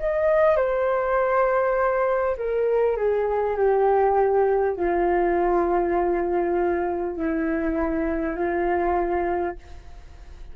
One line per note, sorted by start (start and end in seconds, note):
0.00 0.57 D#5
0.57 2.37 C5
2.38 2.97 A#4
2.97 3.57 G#4
3.57 4.77 G4
4.77 7.17 F4
7.17 8.37 E4
8.37 9.57 F4